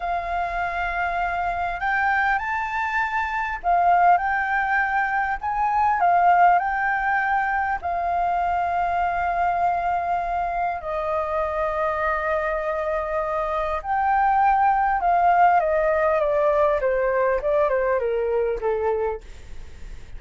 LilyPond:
\new Staff \with { instrumentName = "flute" } { \time 4/4 \tempo 4 = 100 f''2. g''4 | a''2 f''4 g''4~ | g''4 gis''4 f''4 g''4~ | g''4 f''2.~ |
f''2 dis''2~ | dis''2. g''4~ | g''4 f''4 dis''4 d''4 | c''4 d''8 c''8 ais'4 a'4 | }